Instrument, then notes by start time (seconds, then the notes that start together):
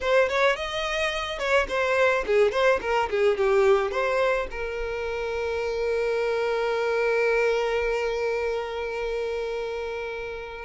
violin
0.01 C5
0.28 C#5
0.56 D#5
1.39 C#5
1.68 C5
2.26 G#4
2.51 C5
2.81 A#4
3.10 G#4
3.37 G4
3.91 C5
4.50 A#4